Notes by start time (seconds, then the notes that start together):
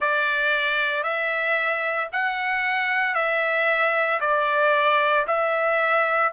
0.00 D5
1.03 E5
2.12 F#5
3.14 E5
4.20 D5
5.27 E5